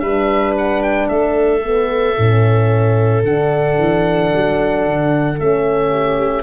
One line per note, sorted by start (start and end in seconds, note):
0.00 1.08 G3
0.00 1.63 D4
0.00 1.10 B4
0.00 0.54 E5
0.58 0.83 F#5
0.83 1.08 G5
1.08 2.17 A3
1.08 5.90 A4
1.08 3.23 E5
1.64 2.17 B3
2.18 3.23 A2
2.18 3.25 C#4
3.23 3.77 D3
3.23 5.37 D4
3.23 5.40 F#5
3.79 4.32 E3
4.35 4.86 F#3
4.86 5.39 D3
5.37 6.43 A3
5.37 6.43 C#4
5.37 6.43 E5
5.90 6.43 G4